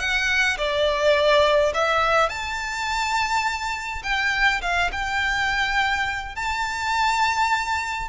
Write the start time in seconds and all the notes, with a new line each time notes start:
0.00 F#5
0.58 D5
1.75 E5
2.30 A5
4.04 G5
4.62 F5
4.92 G5
6.36 A5